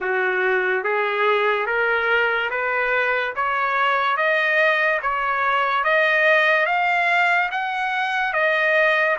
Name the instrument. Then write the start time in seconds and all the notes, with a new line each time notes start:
trumpet
0.00 F#4
0.83 G#4
1.66 A#4
2.50 B4
3.35 C#5
4.16 D#5
5.02 C#5
5.84 D#5
6.66 F5
7.51 F#5
8.33 D#5